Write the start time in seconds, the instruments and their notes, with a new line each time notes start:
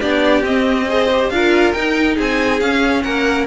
0.00 cello B3, viola D4, violin G4 D5
0.43 cello C4, viola C4, violin D#5
0.89 viola G#4, violin C5
1.13 viola G4
1.30 cello D4, viola F4, violin A#4 F5
1.73 cello D#4, viola D#4, violin G5
2.16 cello C4, violin G#4 G#5
2.61 cello C#4, viola C#4, violin F5
3.03 cello A#3, violin A#4 F#5